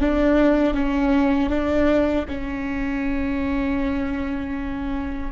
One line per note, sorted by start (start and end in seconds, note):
0.00 0.74 D4
0.74 1.49 C#4
1.49 2.25 D4
2.28 5.32 C#4